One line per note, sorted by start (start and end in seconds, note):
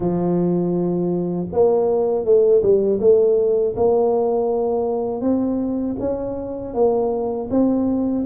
0.00 1.47 F3
1.52 2.24 A#3
2.24 2.62 A3
2.62 2.99 G3
3.00 3.75 A3
3.76 5.21 A#3
5.21 5.96 C4
5.99 6.74 C#4
6.74 7.49 A#3
7.50 8.25 C4